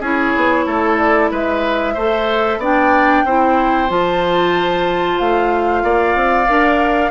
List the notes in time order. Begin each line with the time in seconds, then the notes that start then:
0.00 C#4 E4 G#4 C#5
0.36 B3
0.66 A3 A4
0.98 D5
1.31 G#3 B4 E5
1.94 A3 A4 C5
2.57 B3 D4 D5 G5
3.25 C4 E4 C5
3.88 F3 F4 A5
5.18 A3 F5
5.83 A#3 D5
6.15 C4
6.47 D4 A#4